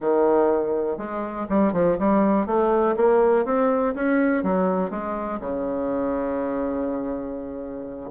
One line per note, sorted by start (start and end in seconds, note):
0.00 0.97 D#3
0.97 1.46 G#3
1.49 1.73 G3
1.73 1.97 F3
1.98 2.46 G3
2.46 2.95 A3
2.96 3.45 A#3
3.45 3.94 C4
3.95 4.43 C#4
4.43 4.90 F#3
4.90 5.39 G#3
5.40 8.10 C#3